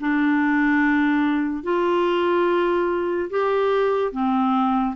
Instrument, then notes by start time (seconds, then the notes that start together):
clarinet
0.00 D4
1.63 F4
3.30 G4
4.12 C4